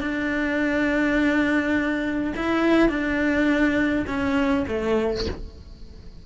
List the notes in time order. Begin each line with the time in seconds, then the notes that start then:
0.00 D4
2.36 E4
2.89 D4
4.07 C#4
4.68 A3